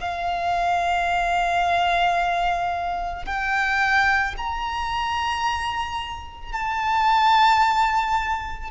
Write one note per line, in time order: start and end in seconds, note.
0.00 3.25 F5
3.25 4.34 G5
4.37 6.52 A#5
6.52 8.70 A5